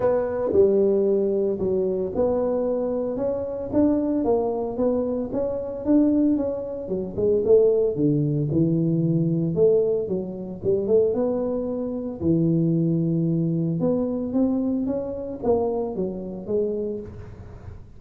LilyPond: \new Staff \with { instrumentName = "tuba" } { \time 4/4 \tempo 4 = 113 b4 g2 fis4 | b2 cis'4 d'4 | ais4 b4 cis'4 d'4 | cis'4 fis8 gis8 a4 d4 |
e2 a4 fis4 | g8 a8 b2 e4~ | e2 b4 c'4 | cis'4 ais4 fis4 gis4 | }